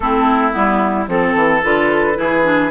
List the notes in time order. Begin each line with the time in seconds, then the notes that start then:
0.00 A3 C4 E4 A4
0.51 G3 B3 E4
1.07 F3 C4 A4
1.35 E3
1.63 D3 F4 B4
2.14 E3 E4 G#4
2.43 D4